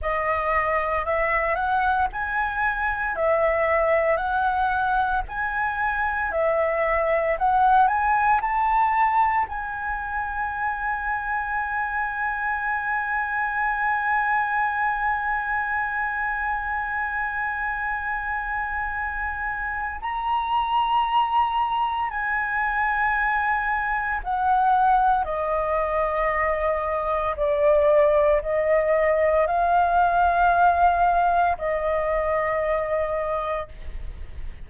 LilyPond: \new Staff \with { instrumentName = "flute" } { \time 4/4 \tempo 4 = 57 dis''4 e''8 fis''8 gis''4 e''4 | fis''4 gis''4 e''4 fis''8 gis''8 | a''4 gis''2.~ | gis''1~ |
gis''2. ais''4~ | ais''4 gis''2 fis''4 | dis''2 d''4 dis''4 | f''2 dis''2 | }